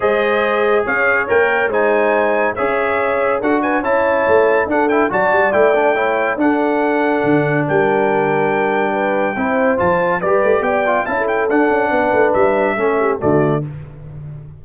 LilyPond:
<<
  \new Staff \with { instrumentName = "trumpet" } { \time 4/4 \tempo 4 = 141 dis''2 f''4 g''4 | gis''2 e''2 | fis''8 gis''8 a''2 fis''8 g''8 | a''4 g''2 fis''4~ |
fis''2 g''2~ | g''2. a''4 | d''4 g''4 a''8 g''8 fis''4~ | fis''4 e''2 d''4 | }
  \new Staff \with { instrumentName = "horn" } { \time 4/4 c''2 cis''2 | c''2 cis''2 | a'8 b'8 cis''2 a'4 | d''2 cis''4 a'4~ |
a'2 ais'2~ | ais'4 b'4 c''2 | b'4 d''4 f''16 a'4.~ a'16 | b'2 a'8 g'8 fis'4 | }
  \new Staff \with { instrumentName = "trombone" } { \time 4/4 gis'2. ais'4 | dis'2 gis'2 | fis'4 e'2 d'8 e'8 | fis'4 e'8 d'8 e'4 d'4~ |
d'1~ | d'2 e'4 f'4 | g'4. f'8 e'4 d'4~ | d'2 cis'4 a4 | }
  \new Staff \with { instrumentName = "tuba" } { \time 4/4 gis2 cis'4 ais4 | gis2 cis'2 | d'4 cis'4 a4 d'4 | fis8 g8 a2 d'4~ |
d'4 d4 g2~ | g2 c'4 f4 | g8 a8 b4 cis'4 d'8 cis'8 | b8 a8 g4 a4 d4 | }
>>